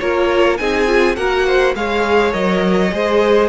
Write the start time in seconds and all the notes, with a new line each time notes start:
0.00 A#3 F4 A#4 C#5
0.58 C4 D#4 G#4 G#5
0.87 F4
1.16 A#3 F#4 A#4 F#5
1.46 C5
1.75 G#3 G#4 C#5 F5
2.32 F#3 A#4 D#5
2.92 G#3 G#4 C5